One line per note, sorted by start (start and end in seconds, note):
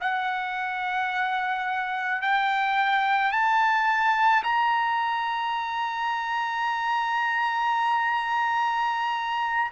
0.00 2.21 F#5
2.21 3.31 G5
3.31 4.42 A5
4.43 9.71 A#5